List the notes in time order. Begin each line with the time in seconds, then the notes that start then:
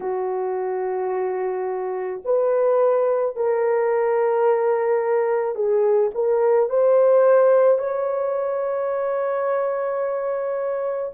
0.00 F#4
2.25 B4
3.35 A#4
5.55 G#4
6.14 A#4
6.69 C5
7.78 C#5